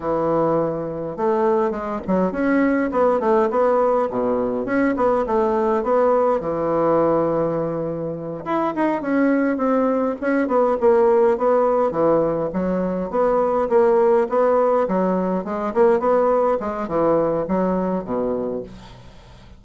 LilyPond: \new Staff \with { instrumentName = "bassoon" } { \time 4/4 \tempo 4 = 103 e2 a4 gis8 fis8 | cis'4 b8 a8 b4 b,4 | cis'8 b8 a4 b4 e4~ | e2~ e8 e'8 dis'8 cis'8~ |
cis'8 c'4 cis'8 b8 ais4 b8~ | b8 e4 fis4 b4 ais8~ | ais8 b4 fis4 gis8 ais8 b8~ | b8 gis8 e4 fis4 b,4 | }